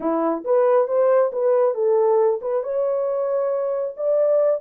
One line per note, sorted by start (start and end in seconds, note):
0.00 0.44 E4
0.44 0.87 B4
0.87 1.31 C5
1.32 1.74 B4
1.74 2.40 A4
2.41 2.63 B4
2.63 3.94 C#5
3.96 4.60 D5